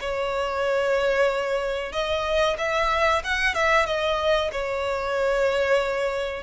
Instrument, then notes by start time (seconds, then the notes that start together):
violin
0.00 C#5
1.92 D#5
2.58 E5
3.24 F#5
3.55 E5
3.86 D#5
4.52 C#5